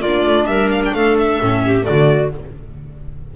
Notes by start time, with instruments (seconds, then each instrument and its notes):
0.00 double bass A#3, clarinet F4, violin D5
0.08 viola D4
0.26 double bass A3
0.46 double bass G3, clarinet A#4, violin E5
0.71 violin F5
0.85 violin G5
0.95 double bass A3, clarinet A4, violin F5
1.19 violin E5
1.41 double bass A2, viola C#4
1.66 clarinet G4
1.83 viola A3, clarinet F#4, violin D5
1.90 double bass D3